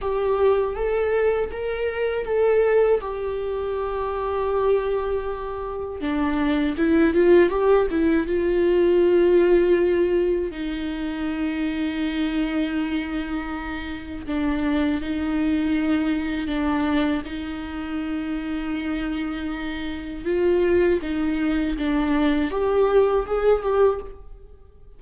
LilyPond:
\new Staff \with { instrumentName = "viola" } { \time 4/4 \tempo 4 = 80 g'4 a'4 ais'4 a'4 | g'1 | d'4 e'8 f'8 g'8 e'8 f'4~ | f'2 dis'2~ |
dis'2. d'4 | dis'2 d'4 dis'4~ | dis'2. f'4 | dis'4 d'4 g'4 gis'8 g'8 | }